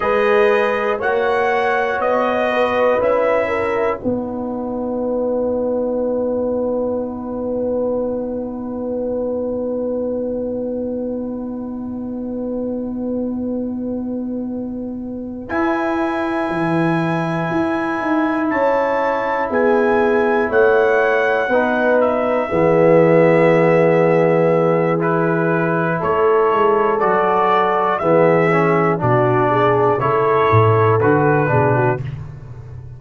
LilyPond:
<<
  \new Staff \with { instrumentName = "trumpet" } { \time 4/4 \tempo 4 = 60 dis''4 fis''4 dis''4 e''4 | fis''1~ | fis''1~ | fis''2.~ fis''8 gis''8~ |
gis''2~ gis''8 a''4 gis''8~ | gis''8 fis''4. e''2~ | e''4 b'4 cis''4 d''4 | e''4 d''4 cis''4 b'4 | }
  \new Staff \with { instrumentName = "horn" } { \time 4/4 b'4 cis''4. b'4 ais'8 | b'1~ | b'1~ | b'1~ |
b'2~ b'8 cis''4 gis'8~ | gis'8 cis''4 b'4 gis'4.~ | gis'2 a'2 | gis'4 fis'8 gis'8 a'4. gis'16 fis'16 | }
  \new Staff \with { instrumentName = "trombone" } { \time 4/4 gis'4 fis'2 e'4 | dis'1~ | dis'1~ | dis'2.~ dis'8 e'8~ |
e'1~ | e'4. dis'4 b4.~ | b4 e'2 fis'4 | b8 cis'8 d'4 e'4 fis'8 d'8 | }
  \new Staff \with { instrumentName = "tuba" } { \time 4/4 gis4 ais4 b4 cis'4 | b1~ | b1~ | b2.~ b8 e'8~ |
e'8 e4 e'8 dis'8 cis'4 b8~ | b8 a4 b4 e4.~ | e2 a8 gis8 fis4 | e4 b,4 cis8 a,8 d8 b,8 | }
>>